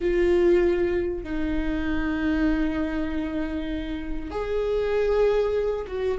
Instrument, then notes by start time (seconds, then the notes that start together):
viola
0.00 F4
1.23 D#4
4.30 G#4
5.87 F#4